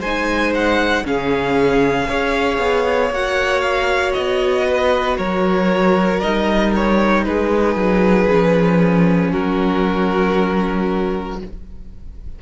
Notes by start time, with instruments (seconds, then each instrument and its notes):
0.00 cello G#3, viola D#4, violin C5 G#5
0.55 violin F#5
1.05 cello C#3, viola C#4, violin G#4 F5
2.08 cello C#4, viola G#4, violin C#5
2.59 cello B3
3.10 cello A#3, viola F#4, violin F#5
3.61 violin F5
4.13 cello B3, violin D#5
4.68 violin B4
5.18 cello F#3, violin A#4 C#5
6.21 cello G3, viola D#4, violin D#5
6.76 violin C#5
7.25 cello G#3, violin G#4 B4
7.76 cello F#3
8.29 cello F3, viola C#4
9.32 cello F#3, violin F#4 A#4